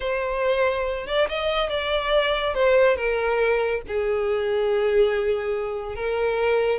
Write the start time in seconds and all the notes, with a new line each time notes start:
0.00 C5
1.06 D5
1.28 D#5
1.69 D5
2.54 C5
2.96 A#4
3.87 G#4
5.95 A#4